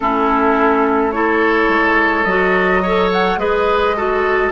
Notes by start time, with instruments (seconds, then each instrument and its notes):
0.00 bassoon A3, clarinet C#4, oboe E4, flute A4
1.11 clarinet E4, oboe A4, flute C#5
1.68 bassoon G#3
2.24 bassoon F#3, clarinet F#4, flute D#5
2.82 clarinet A4, oboe C#5
3.12 flute F#5
3.37 bassoon G#3, clarinet G#4, oboe B4, flute D#5
3.96 clarinet F#4, oboe A4